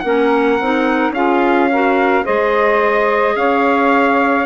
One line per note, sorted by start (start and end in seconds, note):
0.00 0.59 A#3
0.00 0.60 C#4
0.00 1.13 A#4
0.00 1.11 F#5
0.60 1.11 C4
0.60 1.15 D#4
1.11 2.22 C#4
1.11 1.71 F4
1.11 1.69 G#4
1.11 2.25 F5
1.72 2.24 F#4
1.72 2.25 A#4
2.24 3.36 G#3
2.24 4.46 G#4
2.24 3.36 C5
2.24 3.37 D#5
3.36 4.46 C#4
3.36 4.46 C#5
3.36 4.46 F5